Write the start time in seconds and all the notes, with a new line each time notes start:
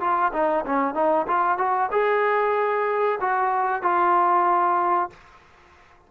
0.00 F4
0.32 D#4
0.65 C#4
0.94 D#4
1.27 F4
1.58 F#4
1.91 G#4
3.20 F#4
3.82 F4